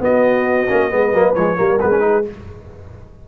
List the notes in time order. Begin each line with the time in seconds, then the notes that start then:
0.00 B3 F#4 D#5
0.68 A#3 C#4
0.90 G#3 B3 B4
1.13 F#3 A#3
1.34 F3 G#3 C#5
1.56 G3 A#3 A#4
1.80 G#3 B3 B4
1.90 C#4
2.00 D#4 G#4